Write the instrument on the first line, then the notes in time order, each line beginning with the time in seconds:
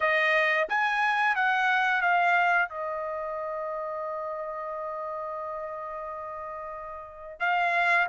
trumpet
0.00 D#5
0.68 G#5
1.35 F#5
2.01 F5
2.68 D#5
7.39 F5